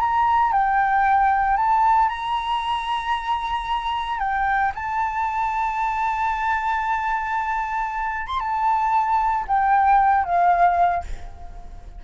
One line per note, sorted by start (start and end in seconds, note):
0.00 0.52 A#5
0.52 1.57 G5
1.57 2.09 A5
2.09 4.19 A#5
4.19 4.72 G5
4.75 8.27 A5
8.27 8.40 C6
8.40 9.45 A5
9.48 10.25 G5
10.25 11.04 F5